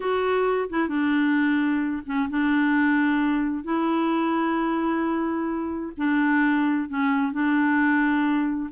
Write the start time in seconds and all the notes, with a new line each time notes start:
0.00 F#4
0.69 E4
0.88 D4
2.06 C#4
2.29 D4
3.63 E4
5.97 D4
6.88 C#4
7.32 D4